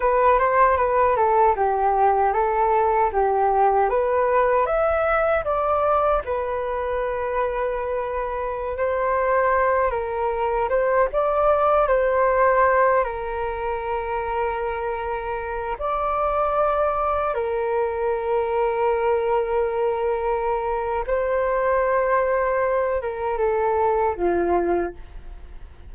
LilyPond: \new Staff \with { instrumentName = "flute" } { \time 4/4 \tempo 4 = 77 b'8 c''8 b'8 a'8 g'4 a'4 | g'4 b'4 e''4 d''4 | b'2.~ b'16 c''8.~ | c''8. ais'4 c''8 d''4 c''8.~ |
c''8. ais'2.~ ais'16~ | ais'16 d''2 ais'4.~ ais'16~ | ais'2. c''4~ | c''4. ais'8 a'4 f'4 | }